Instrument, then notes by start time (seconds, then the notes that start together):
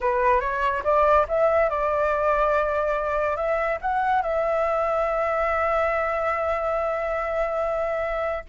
flute
0.00 B4
0.40 C#5
0.84 D5
1.28 E5
1.69 D5
3.36 E5
3.81 F#5
4.22 E5